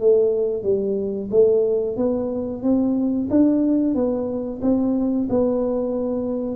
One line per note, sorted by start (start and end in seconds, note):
0.00 0.64 A3
0.64 1.29 G3
1.31 1.97 A3
1.97 2.63 B3
2.63 3.29 C4
3.31 3.95 D4
3.95 4.61 B3
4.62 5.28 C4
5.30 6.56 B3